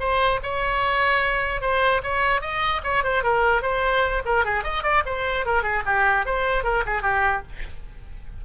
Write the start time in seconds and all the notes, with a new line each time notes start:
0.00 C5
0.43 C#5
1.62 C5
2.03 C#5
2.41 D#5
2.84 C#5
3.04 C5
3.23 A#4
3.63 C5
4.25 A#4
4.45 G#4
4.64 D#5
4.84 D5
5.06 C5
5.46 A#4
5.63 G#4
5.86 G4
6.26 C5
6.64 A#4
6.86 G#4
7.02 G4